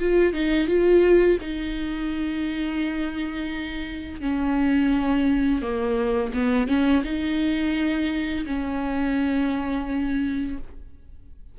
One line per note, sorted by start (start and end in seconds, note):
0.00 0.34 F4
0.34 0.68 D#4
0.68 1.38 F4
1.41 4.21 D#4
4.21 5.62 C#4
5.62 6.33 A#3
6.34 6.68 B3
6.68 7.03 C#4
7.05 8.46 D#4
8.46 10.58 C#4